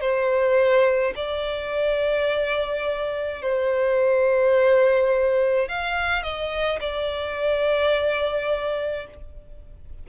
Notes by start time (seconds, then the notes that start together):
0.00 C5
1.15 D5
3.42 C5
5.68 F5
6.22 D#5
6.80 D5